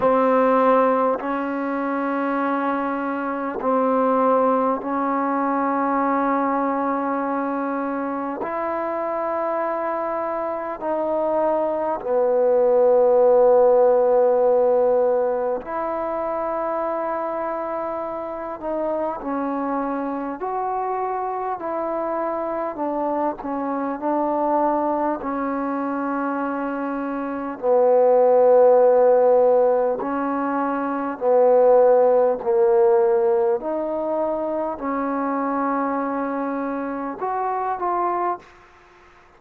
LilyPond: \new Staff \with { instrumentName = "trombone" } { \time 4/4 \tempo 4 = 50 c'4 cis'2 c'4 | cis'2. e'4~ | e'4 dis'4 b2~ | b4 e'2~ e'8 dis'8 |
cis'4 fis'4 e'4 d'8 cis'8 | d'4 cis'2 b4~ | b4 cis'4 b4 ais4 | dis'4 cis'2 fis'8 f'8 | }